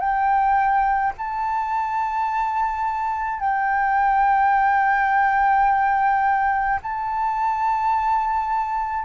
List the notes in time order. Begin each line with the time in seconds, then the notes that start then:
0.00 G5
1.18 A5
3.40 G5
6.82 A5